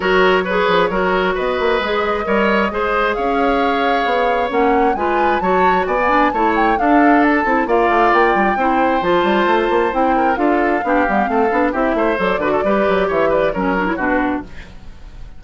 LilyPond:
<<
  \new Staff \with { instrumentName = "flute" } { \time 4/4 \tempo 4 = 133 cis''2. dis''4~ | dis''2. f''4~ | f''2 fis''4 gis''4 | a''4 gis''4 a''8 g''8 f''4 |
a''4 f''4 g''2 | a''2 g''4 f''4~ | f''2 e''4 d''4~ | d''4 e''8 d''8 cis''4 b'4 | }
  \new Staff \with { instrumentName = "oboe" } { \time 4/4 ais'4 b'4 ais'4 b'4~ | b'4 cis''4 c''4 cis''4~ | cis''2. b'4 | cis''4 d''4 cis''4 a'4~ |
a'4 d''2 c''4~ | c''2~ c''8 ais'8 a'4 | g'4 a'4 g'8 c''4 b'16 a'16 | b'4 cis''8 b'8 ais'4 fis'4 | }
  \new Staff \with { instrumentName = "clarinet" } { \time 4/4 fis'4 gis'4 fis'2 | gis'4 ais'4 gis'2~ | gis'2 cis'4 f'4 | fis'4~ fis'16 b16 d'8 e'4 d'4~ |
d'8 e'8 f'2 e'4 | f'2 e'4 f'4 | d'8 b8 c'8 d'8 e'4 a'8 fis'8 | g'2 cis'8 d'16 e'16 d'4 | }
  \new Staff \with { instrumentName = "bassoon" } { \time 4/4 fis4. f8 fis4 b8 ais8 | gis4 g4 gis4 cis'4~ | cis'4 b4 ais4 gis4 | fis4 b4 a4 d'4~ |
d'8 c'8 ais8 a8 ais8 g8 c'4 | f8 g8 a8 ais8 c'4 d'4 | b8 g8 a8 b8 c'8 a8 fis8 d8 | g8 fis8 e4 fis4 b,4 | }
>>